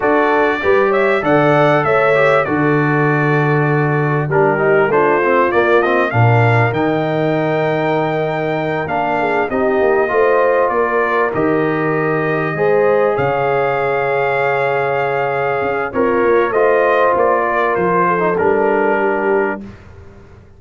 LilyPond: <<
  \new Staff \with { instrumentName = "trumpet" } { \time 4/4 \tempo 4 = 98 d''4. e''8 fis''4 e''4 | d''2. ais'4 | c''4 d''8 dis''8 f''4 g''4~ | g''2~ g''8 f''4 dis''8~ |
dis''4. d''4 dis''4.~ | dis''4. f''2~ f''8~ | f''2 cis''4 dis''4 | d''4 c''4 ais'2 | }
  \new Staff \with { instrumentName = "horn" } { \time 4/4 a'4 b'8 cis''8 d''4 cis''4 | a'2. g'4 | f'2 ais'2~ | ais'2. gis'8 g'8~ |
g'8 c''4 ais'2~ ais'8~ | ais'8 c''4 cis''2~ cis''8~ | cis''2 f'4 c''4~ | c''8 ais'4 a'4. g'4 | }
  \new Staff \with { instrumentName = "trombone" } { \time 4/4 fis'4 g'4 a'4. g'8 | fis'2. d'8 dis'8 | d'8 c'8 ais8 c'8 d'4 dis'4~ | dis'2~ dis'8 d'4 dis'8~ |
dis'8 f'2 g'4.~ | g'8 gis'2.~ gis'8~ | gis'2 ais'4 f'4~ | f'4.~ f'16 dis'16 d'2 | }
  \new Staff \with { instrumentName = "tuba" } { \time 4/4 d'4 g4 d4 a4 | d2. g4 | a4 ais4 ais,4 dis4~ | dis2~ dis8 ais4 c'8 |
ais8 a4 ais4 dis4.~ | dis8 gis4 cis2~ cis8~ | cis4. cis'8 c'8 ais8 a4 | ais4 f4 g2 | }
>>